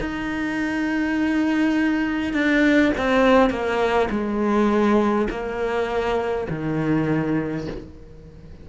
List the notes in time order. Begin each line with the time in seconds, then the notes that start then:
0.00 D#4
2.33 D4
2.97 C4
3.50 A#3
4.10 G#3
5.29 A#3
6.49 D#3